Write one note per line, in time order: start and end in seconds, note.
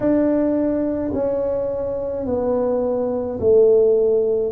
0.00 1.11 D4
1.13 2.25 C#4
2.25 3.39 B3
3.40 4.52 A3